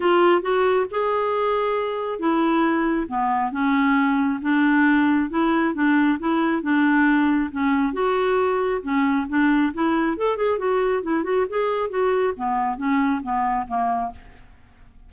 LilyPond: \new Staff \with { instrumentName = "clarinet" } { \time 4/4 \tempo 4 = 136 f'4 fis'4 gis'2~ | gis'4 e'2 b4 | cis'2 d'2 | e'4 d'4 e'4 d'4~ |
d'4 cis'4 fis'2 | cis'4 d'4 e'4 a'8 gis'8 | fis'4 e'8 fis'8 gis'4 fis'4 | b4 cis'4 b4 ais4 | }